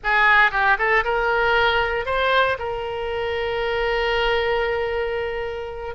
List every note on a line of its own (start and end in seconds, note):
0.03 0.51 G#4
0.51 0.77 G4
0.78 1.04 A4
1.04 2.05 A#4
2.05 2.57 C5
2.58 5.95 A#4